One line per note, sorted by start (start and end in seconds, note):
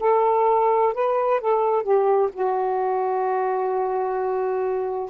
0.00 0.94 A4
0.94 1.41 B4
1.41 1.83 A4
1.83 2.30 G4
2.33 5.10 F#4